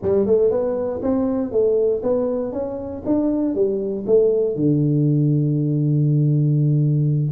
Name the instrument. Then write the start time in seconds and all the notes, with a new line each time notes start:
tuba
0.02 G3
0.25 A3
0.50 B3
1.02 C4
1.51 A3
2.02 B3
2.52 C#4
3.05 D4
3.55 G3
4.06 A3
4.55 D3